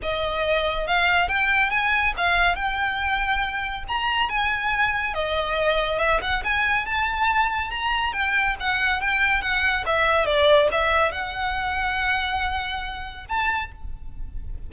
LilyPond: \new Staff \with { instrumentName = "violin" } { \time 4/4 \tempo 4 = 140 dis''2 f''4 g''4 | gis''4 f''4 g''2~ | g''4 ais''4 gis''2 | dis''2 e''8 fis''8 gis''4 |
a''2 ais''4 g''4 | fis''4 g''4 fis''4 e''4 | d''4 e''4 fis''2~ | fis''2. a''4 | }